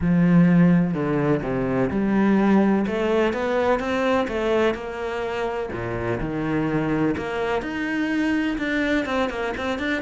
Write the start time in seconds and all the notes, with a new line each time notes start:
0.00 F3
0.94 D3
1.42 C3
1.90 G3
2.86 A3
3.33 B3
3.79 C4
4.28 A3
4.74 A#3
5.71 A#2
6.20 D#3
7.17 A#3
7.61 D#4
8.58 D4
9.05 C4
9.29 A#3
9.57 C4
9.78 D4